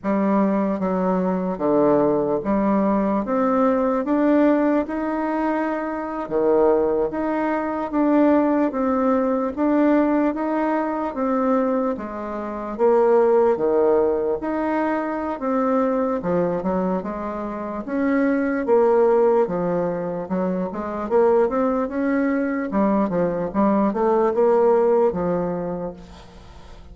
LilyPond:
\new Staff \with { instrumentName = "bassoon" } { \time 4/4 \tempo 4 = 74 g4 fis4 d4 g4 | c'4 d'4 dis'4.~ dis'16 dis16~ | dis8. dis'4 d'4 c'4 d'16~ | d'8. dis'4 c'4 gis4 ais16~ |
ais8. dis4 dis'4~ dis'16 c'4 | f8 fis8 gis4 cis'4 ais4 | f4 fis8 gis8 ais8 c'8 cis'4 | g8 f8 g8 a8 ais4 f4 | }